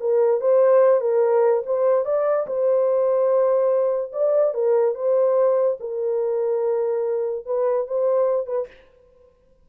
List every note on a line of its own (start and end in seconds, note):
0.00 0.41 A#4
0.41 1.01 C5
1.01 1.63 A#4
1.66 2.05 C5
2.05 2.47 D5
2.47 4.12 C5
4.13 4.54 D5
4.54 4.95 A#4
4.95 5.78 C5
5.80 7.46 A#4
7.46 7.87 B4
7.87 8.47 C5
8.47 8.67 B4